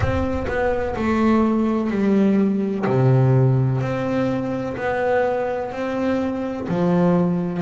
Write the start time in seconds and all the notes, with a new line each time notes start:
0.00 C4
0.47 B3
0.95 A3
1.90 G3
2.87 C3
3.81 C4
4.77 B3
5.71 C4
6.68 F3